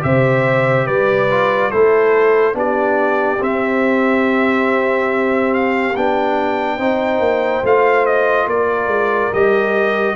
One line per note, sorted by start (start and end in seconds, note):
0.00 0.88 C3
0.00 1.27 G4
0.00 0.86 C5
0.00 0.86 E5
0.86 1.73 G3
0.86 1.70 B4
0.86 1.70 D5
1.31 1.72 F4
1.70 2.54 A3
1.70 2.54 E4
1.70 2.55 A4
1.70 2.55 C5
2.54 3.38 B3
2.54 3.38 D4
2.54 6.77 G4
2.54 3.43 D5
3.40 5.93 C4
3.40 5.94 C4
3.40 5.54 E5
5.54 5.96 F5
5.96 6.79 B3
5.96 6.79 D4
5.96 7.65 G5
6.77 7.19 C4
6.77 7.63 D#4
6.77 8.46 C5
7.19 7.62 A#3
7.63 8.47 A3
7.63 9.33 F4
7.63 8.06 F5
8.06 8.48 D#5
8.47 8.87 A#3
8.47 10.15 A#4
8.47 9.33 D5
8.87 9.29 G#3
9.33 10.15 G3
9.33 10.15 G4
9.33 10.15 D#5